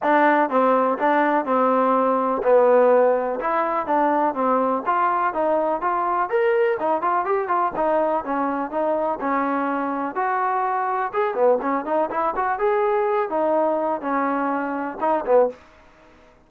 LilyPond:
\new Staff \with { instrumentName = "trombone" } { \time 4/4 \tempo 4 = 124 d'4 c'4 d'4 c'4~ | c'4 b2 e'4 | d'4 c'4 f'4 dis'4 | f'4 ais'4 dis'8 f'8 g'8 f'8 |
dis'4 cis'4 dis'4 cis'4~ | cis'4 fis'2 gis'8 b8 | cis'8 dis'8 e'8 fis'8 gis'4. dis'8~ | dis'4 cis'2 dis'8 b8 | }